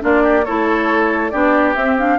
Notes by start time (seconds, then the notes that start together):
0.00 A#3 D4 F4 D5
0.23 G4
0.46 A3 E4 A4 C#5
1.30 B3 D4 G4 D5
1.75 C4 E5
1.99 D4 F5